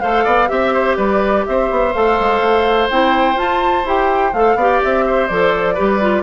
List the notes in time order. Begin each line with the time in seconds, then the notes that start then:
0.00 A3 A4 C5 F5
0.24 B3 D5
0.47 C4 G4 E5
0.73 C5
0.96 G3 B4 D5
1.46 C4 C5 E5
1.70 B3
1.93 A3 A4 F5
2.19 G#3
2.40 A3
2.90 C4 E4 G5
3.35 F4 A5
3.84 E4 G4 G5
4.33 A3 A4 F5
4.55 B3 G4 D5
4.83 C4 E5
5.06 C5
5.27 F3 A4 D5
5.74 G3 G4 B4
6.00 F4